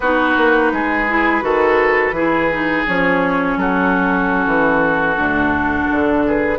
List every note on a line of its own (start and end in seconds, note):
0.00 0.35 B3
0.00 1.08 D#4
0.00 0.72 F#4
0.00 2.86 B4
0.37 0.72 A#3
0.72 1.42 G#3
0.72 1.43 G#4
1.08 1.41 E4
1.41 2.11 D#3
1.41 2.13 F#4
1.41 2.15 A4
2.11 2.82 E3
2.11 2.51 E4
2.11 3.58 G#4
2.51 2.86 D#4
2.86 3.56 F3
2.86 5.17 C#4
2.86 3.58 C#5
3.56 4.46 F#3
3.56 6.26 F#4
3.56 6.26 A4
4.46 5.17 E3
5.17 5.88 D2
5.17 6.58 D4
5.91 6.58 D3
6.26 6.58 G#4
6.26 6.58 B4